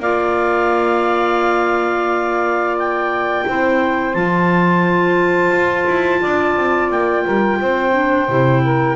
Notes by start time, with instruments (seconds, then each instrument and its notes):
0.00 double bass A#3, clarinet F4 F5, saxophone D5
2.79 clarinet G5
3.47 double bass C4, clarinet E4, saxophone C5
4.14 double bass F3, clarinet F4 A5
5.52 double bass F4
5.87 double bass E4
6.22 double bass D4, saxophone D5
6.57 double bass C4
6.91 double bass A#3, clarinet G5
7.24 double bass G3, saxophone A#4
7.61 double bass C4, saxophone C5
7.92 clarinet D4
8.29 double bass C3, clarinet E4
8.63 saxophone A#4